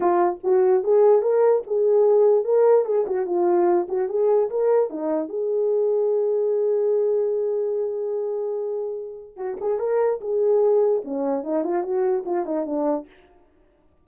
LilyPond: \new Staff \with { instrumentName = "horn" } { \time 4/4 \tempo 4 = 147 f'4 fis'4 gis'4 ais'4 | gis'2 ais'4 gis'8 fis'8 | f'4. fis'8 gis'4 ais'4 | dis'4 gis'2.~ |
gis'1~ | gis'2. fis'8 gis'8 | ais'4 gis'2 cis'4 | dis'8 f'8 fis'4 f'8 dis'8 d'4 | }